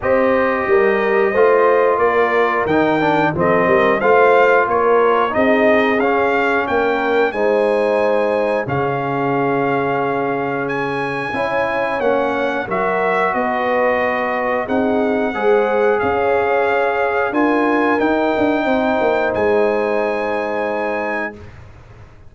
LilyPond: <<
  \new Staff \with { instrumentName = "trumpet" } { \time 4/4 \tempo 4 = 90 dis''2. d''4 | g''4 dis''4 f''4 cis''4 | dis''4 f''4 g''4 gis''4~ | gis''4 f''2. |
gis''2 fis''4 e''4 | dis''2 fis''2 | f''2 gis''4 g''4~ | g''4 gis''2. | }
  \new Staff \with { instrumentName = "horn" } { \time 4/4 c''4 ais'4 c''4 ais'4~ | ais'4 a'8 ais'8 c''4 ais'4 | gis'2 ais'4 c''4~ | c''4 gis'2.~ |
gis'4 cis''2 ais'4 | b'2 gis'4 c''4 | cis''2 ais'2 | c''1 | }
  \new Staff \with { instrumentName = "trombone" } { \time 4/4 g'2 f'2 | dis'8 d'8 c'4 f'2 | dis'4 cis'2 dis'4~ | dis'4 cis'2.~ |
cis'4 e'4 cis'4 fis'4~ | fis'2 dis'4 gis'4~ | gis'2 f'4 dis'4~ | dis'1 | }
  \new Staff \with { instrumentName = "tuba" } { \time 4/4 c'4 g4 a4 ais4 | dis4 f8 g8 a4 ais4 | c'4 cis'4 ais4 gis4~ | gis4 cis2.~ |
cis4 cis'4 ais4 fis4 | b2 c'4 gis4 | cis'2 d'4 dis'8 d'8 | c'8 ais8 gis2. | }
>>